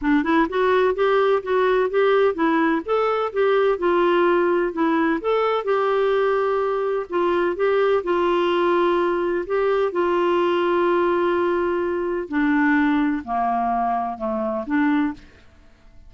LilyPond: \new Staff \with { instrumentName = "clarinet" } { \time 4/4 \tempo 4 = 127 d'8 e'8 fis'4 g'4 fis'4 | g'4 e'4 a'4 g'4 | f'2 e'4 a'4 | g'2. f'4 |
g'4 f'2. | g'4 f'2.~ | f'2 d'2 | ais2 a4 d'4 | }